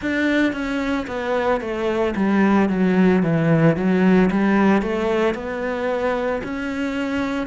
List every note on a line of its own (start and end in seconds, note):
0.01 0.52 D4
0.52 1.06 C#4
1.07 1.60 B3
1.61 2.14 A3
2.15 2.69 G3
2.69 3.22 F#3
3.22 3.76 E3
3.76 4.30 F#3
4.31 4.82 G3
4.82 5.34 A3
5.34 6.41 B3
6.43 7.47 C#4